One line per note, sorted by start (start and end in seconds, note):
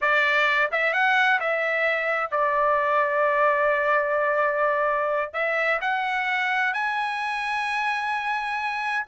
0.01 0.71 D5
0.71 0.93 E5
0.93 1.39 F#5
1.40 2.30 E5
2.30 5.33 D5
5.33 5.79 E5
5.81 6.73 F#5
6.73 9.06 G#5